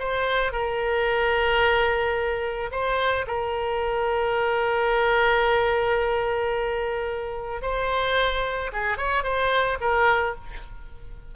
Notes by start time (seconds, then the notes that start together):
0.00 C5
0.53 A#4
2.72 C5
3.28 A#4
7.62 C5
8.73 G#4
8.98 C#5
9.24 C5
9.81 A#4